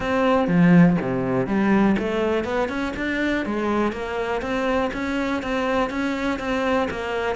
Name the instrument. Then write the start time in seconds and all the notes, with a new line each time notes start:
cello
0.00 C4
0.47 F3
1.01 C3
1.46 G3
1.98 A3
2.44 B3
2.68 C#4
2.96 D4
3.45 G#3
3.92 A#3
4.41 C4
4.93 C#4
5.42 C4
5.89 C#4
6.39 C4
6.90 A#3